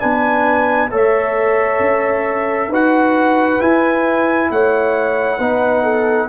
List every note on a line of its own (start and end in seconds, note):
0.00 0.92 B3
0.00 0.90 D4
0.00 0.90 B4
0.00 0.90 G#5
0.91 1.80 A3
0.91 2.70 A4
0.91 2.70 C#5
0.91 2.74 E5
1.80 2.68 C#4
2.68 3.58 D#4
2.68 3.60 F#4
2.68 4.49 B4
2.74 3.61 F#5
3.60 5.39 E4
3.60 4.51 E4
3.60 4.51 G#5
4.51 5.39 A3
4.51 5.39 C#5
4.51 6.29 F#5
5.39 6.28 B3
5.39 6.29 D#4
5.39 5.83 B4
5.83 6.28 A4